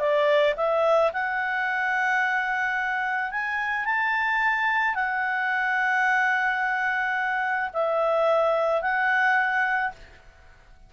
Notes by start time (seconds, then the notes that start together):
0.00 D5
0.57 E5
1.13 F#5
3.32 G#5
3.86 A5
4.95 F#5
7.74 E5
8.82 F#5